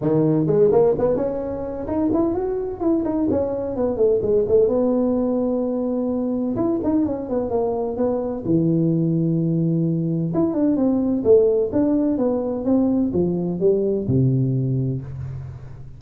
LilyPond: \new Staff \with { instrumentName = "tuba" } { \time 4/4 \tempo 4 = 128 dis4 gis8 ais8 b8 cis'4. | dis'8 e'8 fis'4 e'8 dis'8 cis'4 | b8 a8 gis8 a8 b2~ | b2 e'8 dis'8 cis'8 b8 |
ais4 b4 e2~ | e2 e'8 d'8 c'4 | a4 d'4 b4 c'4 | f4 g4 c2 | }